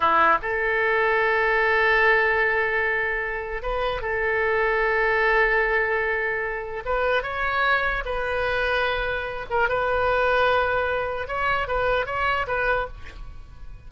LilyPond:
\new Staff \with { instrumentName = "oboe" } { \time 4/4 \tempo 4 = 149 e'4 a'2.~ | a'1~ | a'4 b'4 a'2~ | a'1~ |
a'4 b'4 cis''2 | b'2.~ b'8 ais'8 | b'1 | cis''4 b'4 cis''4 b'4 | }